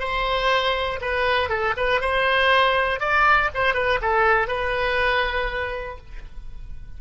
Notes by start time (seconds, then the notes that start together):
0.00 C5
1.01 B4
1.50 A4
1.77 B4
2.01 C5
3.00 D5
3.55 C5
3.74 B4
4.02 A4
4.48 B4